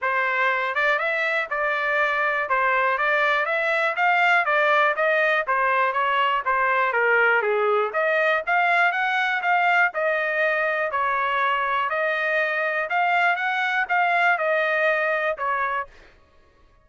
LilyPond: \new Staff \with { instrumentName = "trumpet" } { \time 4/4 \tempo 4 = 121 c''4. d''8 e''4 d''4~ | d''4 c''4 d''4 e''4 | f''4 d''4 dis''4 c''4 | cis''4 c''4 ais'4 gis'4 |
dis''4 f''4 fis''4 f''4 | dis''2 cis''2 | dis''2 f''4 fis''4 | f''4 dis''2 cis''4 | }